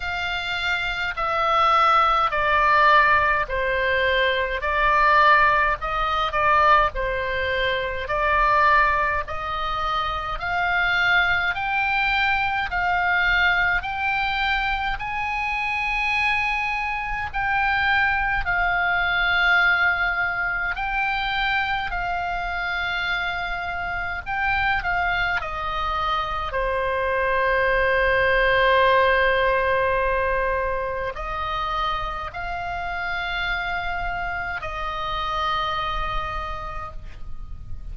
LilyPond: \new Staff \with { instrumentName = "oboe" } { \time 4/4 \tempo 4 = 52 f''4 e''4 d''4 c''4 | d''4 dis''8 d''8 c''4 d''4 | dis''4 f''4 g''4 f''4 | g''4 gis''2 g''4 |
f''2 g''4 f''4~ | f''4 g''8 f''8 dis''4 c''4~ | c''2. dis''4 | f''2 dis''2 | }